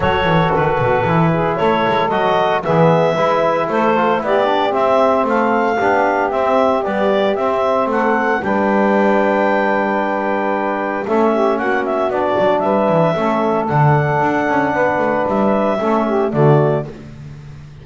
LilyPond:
<<
  \new Staff \with { instrumentName = "clarinet" } { \time 4/4 \tempo 4 = 114 cis''4 b'2 cis''4 | dis''4 e''2 c''4 | d''4 e''4 f''2 | e''4 d''4 e''4 fis''4 |
g''1~ | g''4 e''4 fis''8 e''8 d''4 | e''2 fis''2~ | fis''4 e''2 d''4 | }
  \new Staff \with { instrumentName = "saxophone" } { \time 4/4 a'2~ a'8 gis'8 a'4~ | a'4 gis'4 b'4 a'4 | g'2 a'4 g'4~ | g'2. a'4 |
b'1~ | b'4 a'8 g'8 fis'2 | b'4 a'2. | b'2 a'8 g'8 fis'4 | }
  \new Staff \with { instrumentName = "trombone" } { \time 4/4 fis'2 e'2 | fis'4 b4 e'4. f'8 | e'8 d'8 c'2 d'4 | c'4 g4 c'2 |
d'1~ | d'4 cis'2 d'4~ | d'4 cis'4 d'2~ | d'2 cis'4 a4 | }
  \new Staff \with { instrumentName = "double bass" } { \time 4/4 fis8 e8 dis8 b,8 e4 a8 gis8 | fis4 e4 gis4 a4 | b4 c'4 a4 b4 | c'4 b4 c'4 a4 |
g1~ | g4 a4 ais4 b8 fis8 | g8 e8 a4 d4 d'8 cis'8 | b8 a8 g4 a4 d4 | }
>>